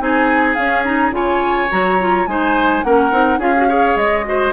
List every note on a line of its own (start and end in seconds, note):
0.00 0.57 C4
0.00 0.57 D#4
0.00 1.16 G#4
0.00 0.55 G#5
0.55 1.11 C#4
0.55 0.85 C#4
0.55 0.83 F5
0.85 1.12 D#4
0.85 1.13 A#5
1.11 1.68 C#3
1.11 1.69 F4
1.11 2.29 C#5
1.11 1.71 G#5
1.71 2.27 F#3
1.71 1.99 F#4
1.71 2.27 A#5
2.00 2.28 F4
2.27 2.84 G#3
2.27 2.85 D#4
2.27 2.86 C5
2.27 2.83 G#5
2.84 3.12 A#3
2.84 3.12 C#4
2.84 3.40 A#4
2.84 3.40 F#5
3.12 3.39 C4
3.12 3.41 D#4
3.39 3.95 C#4
3.39 3.55 F4
3.39 3.68 G#4
3.39 3.97 F5
3.57 3.69 F#4
3.69 4.25 G#4
3.69 4.26 C#5
3.96 4.53 G#3
3.96 4.53 D#5
4.25 4.53 F#4
4.25 4.53 C5